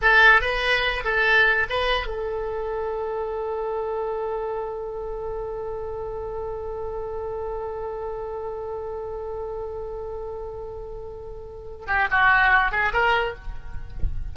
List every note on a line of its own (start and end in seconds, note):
0.01 0.41 A4
0.41 1.03 B4
1.04 1.66 A4
1.69 2.06 B4
2.06 11.86 A4
11.87 12.07 G4
12.10 12.71 F#4
12.71 12.92 G#4
12.93 13.34 A#4